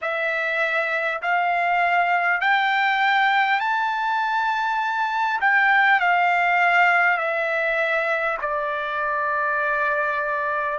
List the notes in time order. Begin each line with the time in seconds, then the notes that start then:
0.01 E5
1.22 F5
2.41 G5
3.60 A5
5.40 G5
6.00 F5
7.17 E5
8.41 D5